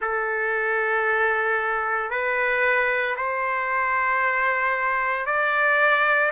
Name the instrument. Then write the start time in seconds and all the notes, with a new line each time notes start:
trumpet
0.00 A4
2.10 B4
3.16 C5
5.26 D5